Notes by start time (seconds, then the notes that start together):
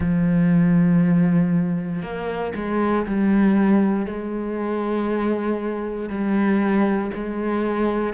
0.00 F3
2.02 A#3
2.55 G#3
3.06 G3
4.05 G#3
6.09 G3
7.14 G#3